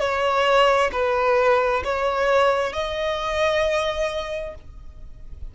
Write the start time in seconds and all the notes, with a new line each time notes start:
0.00 C#5
0.92 B4
1.84 C#5
2.73 D#5